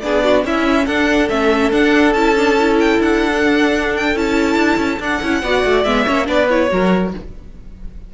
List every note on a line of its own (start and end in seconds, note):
0.00 0.44 B3
0.00 0.45 D4
0.00 0.24 G#4
0.00 0.42 D5
0.24 0.45 F#4
0.44 0.86 C#4
0.44 0.89 C#4
0.44 0.85 E4
0.44 0.86 E5
0.85 1.29 D4
0.85 5.40 A4
0.85 1.29 F#5
1.29 1.72 A3
1.29 1.71 C#4
1.29 1.72 E5
1.71 2.14 D4
1.71 2.13 F#5
2.13 2.99 C#4
2.13 2.36 E4
2.13 2.76 A5
2.36 2.57 D4
2.58 3.31 E4
2.80 3.01 G5
2.99 4.15 D4
2.99 3.96 F#5
3.31 4.15 D4
3.96 4.17 G5
4.15 4.55 C#4
4.15 4.99 E4
4.15 5.02 A5
4.55 4.77 D4
4.77 4.98 C#4
4.99 5.21 D4
4.99 5.22 D4
4.99 5.84 F#5
5.22 5.43 C#4
5.22 5.43 E4
5.43 5.64 B3
5.43 5.86 F#4
5.43 6.06 D5
5.64 5.84 A3
5.84 6.06 G#3
5.84 6.07 B3
5.84 6.26 E5
6.06 6.29 A#3
6.06 6.24 C#4
6.06 6.27 C#5
6.24 6.71 B3
6.24 6.45 D4
6.24 6.70 B4
6.24 6.49 D5
6.49 6.70 E4
6.49 7.12 C#5
6.70 7.13 F#3
6.70 7.12 F#4
6.70 7.14 A#4